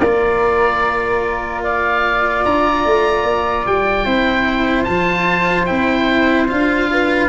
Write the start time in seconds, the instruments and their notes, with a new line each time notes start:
0.00 tuba A#3, cello F4, flute A#4, oboe D5
1.64 flute D5, oboe F5
2.45 tuba D4, oboe A#5
2.85 tuba A3
3.24 tuba A#3
3.67 tuba G3, oboe G5
4.05 tuba C4, cello E4, flute C5
4.84 tuba F3, cello F4, oboe A5
5.66 tuba C4, cello E4, oboe G5
6.48 tuba D4, cello F4, oboe F5
6.91 flute B4